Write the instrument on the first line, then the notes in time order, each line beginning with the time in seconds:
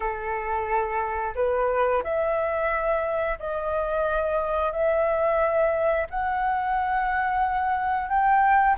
flute
0.00 A4
1.35 B4
2.03 E5
3.39 D#5
4.72 E5
6.09 F#5
8.09 G5